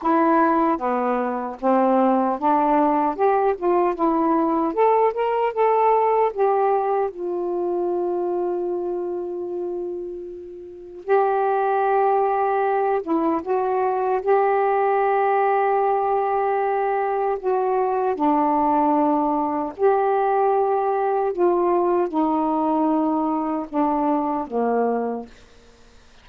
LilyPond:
\new Staff \with { instrumentName = "saxophone" } { \time 4/4 \tempo 4 = 76 e'4 b4 c'4 d'4 | g'8 f'8 e'4 a'8 ais'8 a'4 | g'4 f'2.~ | f'2 g'2~ |
g'8 e'8 fis'4 g'2~ | g'2 fis'4 d'4~ | d'4 g'2 f'4 | dis'2 d'4 ais4 | }